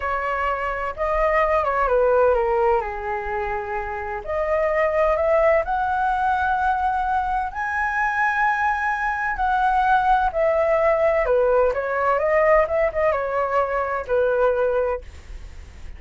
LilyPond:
\new Staff \with { instrumentName = "flute" } { \time 4/4 \tempo 4 = 128 cis''2 dis''4. cis''8 | b'4 ais'4 gis'2~ | gis'4 dis''2 e''4 | fis''1 |
gis''1 | fis''2 e''2 | b'4 cis''4 dis''4 e''8 dis''8 | cis''2 b'2 | }